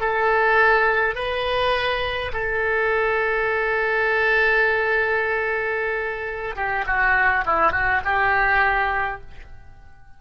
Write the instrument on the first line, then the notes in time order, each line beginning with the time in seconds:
oboe
0.00 A4
1.15 B4
2.33 A4
6.55 G4
6.86 F#4
7.45 E4
7.72 F#4
8.04 G4